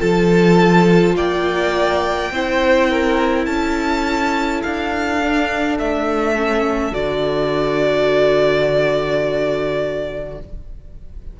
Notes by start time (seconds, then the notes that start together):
0.00 F3 F4 A4 A5
1.16 A#3 D5 G5
2.32 C4 E4 C5
2.91 A#4
3.46 C#4 A4 A5
4.63 D4 F5
5.21 D4
5.79 A3 E5
6.37 C#4
6.92 D3 F#4 D5